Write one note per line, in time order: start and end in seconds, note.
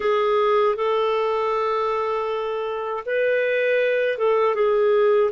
0.00 0.75 G#4
0.75 3.03 A4
3.05 4.17 B4
4.17 4.55 A4
4.55 5.31 G#4